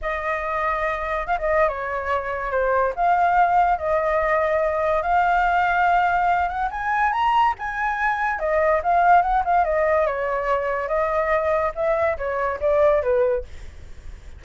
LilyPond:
\new Staff \with { instrumentName = "flute" } { \time 4/4 \tempo 4 = 143 dis''2. f''16 dis''8. | cis''2 c''4 f''4~ | f''4 dis''2. | f''2.~ f''8 fis''8 |
gis''4 ais''4 gis''2 | dis''4 f''4 fis''8 f''8 dis''4 | cis''2 dis''2 | e''4 cis''4 d''4 b'4 | }